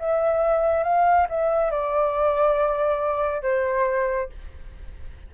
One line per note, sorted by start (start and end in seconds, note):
0.00 0.84 E5
0.84 1.27 F5
1.30 1.72 E5
1.72 3.43 D5
3.43 4.30 C5